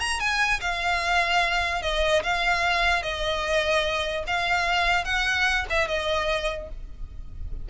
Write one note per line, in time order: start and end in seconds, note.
0.00 0.20 A#5
0.20 0.61 G#5
0.61 1.82 F5
1.82 2.23 D#5
2.23 3.03 F5
3.03 4.24 D#5
4.27 5.05 F5
5.05 5.66 F#5
5.70 5.88 E5
5.88 6.69 D#5